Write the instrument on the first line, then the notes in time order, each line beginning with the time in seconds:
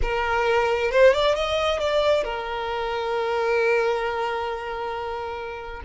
violin
0.02 A#4
0.91 C5
1.13 D5
1.35 D#5
1.79 D5
2.24 A#4